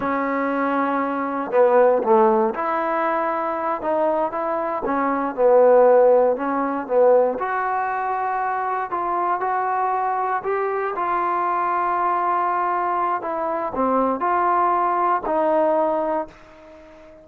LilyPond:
\new Staff \with { instrumentName = "trombone" } { \time 4/4 \tempo 4 = 118 cis'2. b4 | a4 e'2~ e'8 dis'8~ | dis'8 e'4 cis'4 b4.~ | b8 cis'4 b4 fis'4.~ |
fis'4. f'4 fis'4.~ | fis'8 g'4 f'2~ f'8~ | f'2 e'4 c'4 | f'2 dis'2 | }